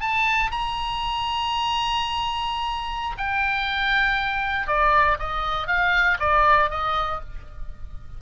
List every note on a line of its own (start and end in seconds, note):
0.00 0.50 A5
0.51 3.16 A#5
3.17 4.67 G5
4.67 5.17 D5
5.19 5.67 D#5
5.67 6.17 F5
6.19 6.70 D5
6.70 7.20 D#5